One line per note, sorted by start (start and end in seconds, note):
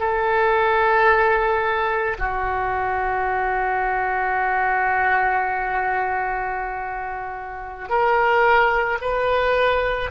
0.00 2.18 A4
2.19 7.89 F#4
7.89 8.99 A#4
9.01 10.11 B4